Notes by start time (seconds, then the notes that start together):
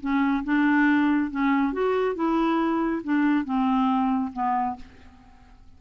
0.00 C#4
0.44 D4
1.31 C#4
1.73 F#4
2.15 E4
3.04 D4
3.45 C4
4.32 B3